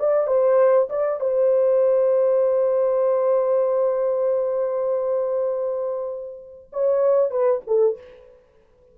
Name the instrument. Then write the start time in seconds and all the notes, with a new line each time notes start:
horn
0.00 D5
0.28 C5
0.90 D5
1.21 C5
6.73 C#5
7.31 B4
7.68 A4